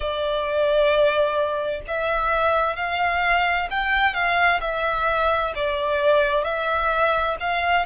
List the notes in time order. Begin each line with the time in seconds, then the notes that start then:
0.00 D5
1.87 E5
2.76 F5
3.70 G5
4.13 F5
4.61 E5
5.55 D5
6.44 E5
7.39 F5